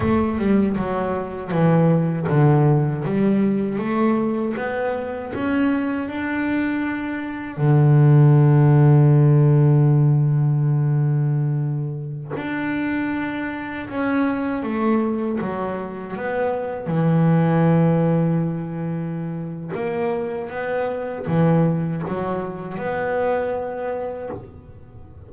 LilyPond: \new Staff \with { instrumentName = "double bass" } { \time 4/4 \tempo 4 = 79 a8 g8 fis4 e4 d4 | g4 a4 b4 cis'4 | d'2 d2~ | d1~ |
d16 d'2 cis'4 a8.~ | a16 fis4 b4 e4.~ e16~ | e2 ais4 b4 | e4 fis4 b2 | }